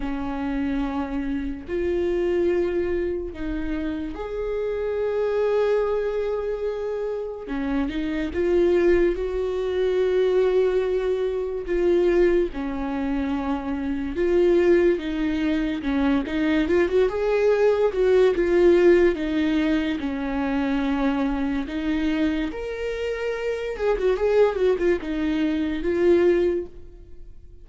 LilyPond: \new Staff \with { instrumentName = "viola" } { \time 4/4 \tempo 4 = 72 cis'2 f'2 | dis'4 gis'2.~ | gis'4 cis'8 dis'8 f'4 fis'4~ | fis'2 f'4 cis'4~ |
cis'4 f'4 dis'4 cis'8 dis'8 | f'16 fis'16 gis'4 fis'8 f'4 dis'4 | cis'2 dis'4 ais'4~ | ais'8 gis'16 fis'16 gis'8 fis'16 f'16 dis'4 f'4 | }